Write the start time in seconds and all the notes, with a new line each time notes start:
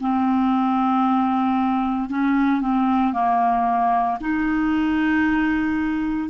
0.00 C4
2.09 C#4
2.61 C4
3.12 A#3
4.20 D#4